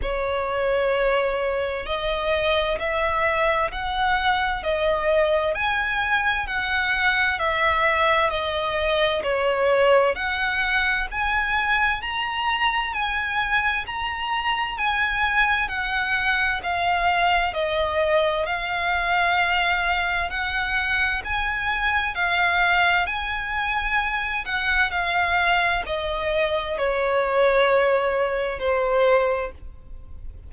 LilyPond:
\new Staff \with { instrumentName = "violin" } { \time 4/4 \tempo 4 = 65 cis''2 dis''4 e''4 | fis''4 dis''4 gis''4 fis''4 | e''4 dis''4 cis''4 fis''4 | gis''4 ais''4 gis''4 ais''4 |
gis''4 fis''4 f''4 dis''4 | f''2 fis''4 gis''4 | f''4 gis''4. fis''8 f''4 | dis''4 cis''2 c''4 | }